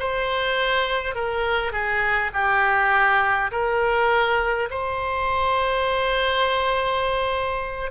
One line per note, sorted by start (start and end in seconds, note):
0.00 1.16 C5
1.16 1.73 A#4
1.73 2.32 G#4
2.34 3.51 G4
3.52 4.70 A#4
4.71 7.91 C5